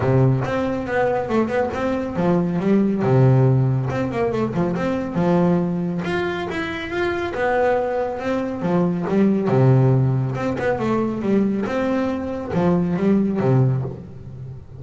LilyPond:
\new Staff \with { instrumentName = "double bass" } { \time 4/4 \tempo 4 = 139 c4 c'4 b4 a8 b8 | c'4 f4 g4 c4~ | c4 c'8 ais8 a8 f8 c'4 | f2 f'4 e'4 |
f'4 b2 c'4 | f4 g4 c2 | c'8 b8 a4 g4 c'4~ | c'4 f4 g4 c4 | }